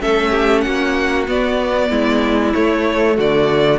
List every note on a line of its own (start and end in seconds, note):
0.00 0.66 A3
0.00 1.26 C#4
0.00 0.30 A4
0.00 0.61 E5
0.30 0.62 G4
0.61 1.28 A#3
0.61 1.90 F#4
0.61 1.24 F#5
1.27 2.53 B3
1.27 1.90 B3
1.27 2.53 D5
1.90 2.53 G#3
1.90 3.15 E4
2.53 3.79 A3
2.53 3.18 A3
2.53 3.16 C#5
3.15 3.79 D3
3.15 3.78 F#4
3.15 3.79 D5